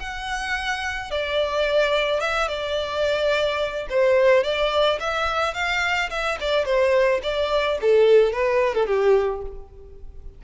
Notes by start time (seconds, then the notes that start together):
0.00 F#5
1.11 D5
2.21 E5
2.49 D5
3.90 C5
4.44 D5
5.01 E5
5.55 F5
6.11 E5
6.41 D5
6.66 C5
7.23 D5
7.82 A4
8.34 B4
8.75 A4
8.87 G4